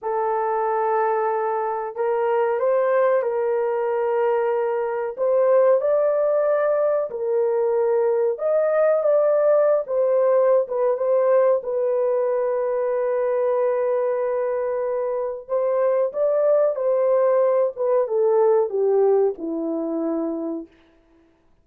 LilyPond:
\new Staff \with { instrumentName = "horn" } { \time 4/4 \tempo 4 = 93 a'2. ais'4 | c''4 ais'2. | c''4 d''2 ais'4~ | ais'4 dis''4 d''4~ d''16 c''8.~ |
c''8 b'8 c''4 b'2~ | b'1 | c''4 d''4 c''4. b'8 | a'4 g'4 e'2 | }